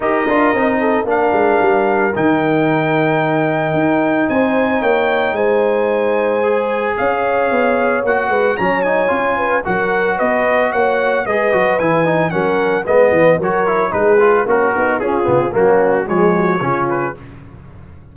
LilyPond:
<<
  \new Staff \with { instrumentName = "trumpet" } { \time 4/4 \tempo 4 = 112 dis''2 f''2 | g''1 | gis''4 g''4 gis''2~ | gis''4 f''2 fis''4 |
ais''8 gis''4. fis''4 dis''4 | fis''4 dis''4 gis''4 fis''4 | dis''4 cis''4 b'4 ais'4 | gis'4 fis'4 cis''4. b'8 | }
  \new Staff \with { instrumentName = "horn" } { \time 4/4 ais'4. a'8 ais'2~ | ais'1 | c''4 cis''4 c''2~ | c''4 cis''2~ cis''8 b'8 |
cis''4. b'8 ais'4 b'4 | cis''4 b'2 ais'4 | b'4 ais'4 gis'4 cis'8 dis'8 | f'4 cis'4 gis'8 fis'8 f'4 | }
  \new Staff \with { instrumentName = "trombone" } { \time 4/4 g'8 f'8 dis'4 d'2 | dis'1~ | dis'1 | gis'2. fis'4 |
cis'8 dis'8 f'4 fis'2~ | fis'4 gis'8 fis'8 e'8 dis'8 cis'4 | b4 fis'8 e'8 dis'8 f'8 fis'4 | cis'8 b8 ais4 gis4 cis'4 | }
  \new Staff \with { instrumentName = "tuba" } { \time 4/4 dis'8 d'8 c'4 ais8 gis8 g4 | dis2. dis'4 | c'4 ais4 gis2~ | gis4 cis'4 b4 ais8 gis8 |
fis4 cis'4 fis4 b4 | ais4 gis8 fis8 e4 fis4 | gis8 e8 fis4 gis4 ais8 b8 | cis'8 cis8 fis4 f4 cis4 | }
>>